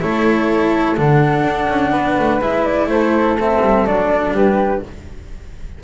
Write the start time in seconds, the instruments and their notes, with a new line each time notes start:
0.00 double bass A3, cello E4, flute A4 C#5
0.97 double bass D3, cello D4, flute F#5
1.43 double bass D4
1.69 double bass C#4
1.91 double bass B3, flute B4
2.19 double bass A3
2.40 double bass G#3, cello E4, flute E5
2.65 flute D5
2.87 double bass A3, flute A4 C5
3.40 cello C4, flute E5
3.62 double bass G3
3.86 double bass F#3, cello D4, flute D5
4.31 double bass G3, flute G4 B4